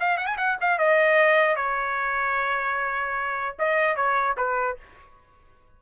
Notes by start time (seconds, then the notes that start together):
0.00 F5
0.17 F#5
0.27 G#5
0.37 F#5
0.61 F5
0.79 D#5
1.56 C#5
3.59 D#5
3.96 C#5
4.37 B4